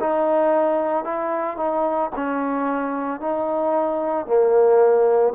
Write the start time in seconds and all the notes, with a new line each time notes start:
0.00 D#4
1.04 E4
1.57 D#4
2.16 C#4
3.20 D#4
4.26 A#3